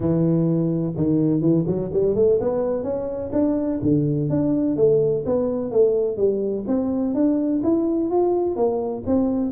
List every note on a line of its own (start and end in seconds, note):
0.00 0.94 E3
0.96 1.41 D#3
1.41 1.65 E3
1.66 1.90 F#3
1.93 2.15 G3
2.15 2.39 A3
2.40 2.83 B3
2.83 3.31 C#4
3.32 3.79 D4
3.82 4.29 D3
4.29 4.76 D4
4.76 5.24 A3
5.25 5.71 B3
5.71 6.16 A3
6.16 6.64 G3
6.67 7.14 C4
7.14 7.62 D4
7.63 8.10 E4
8.10 8.55 F4
8.55 9.03 A#3
9.06 9.51 C4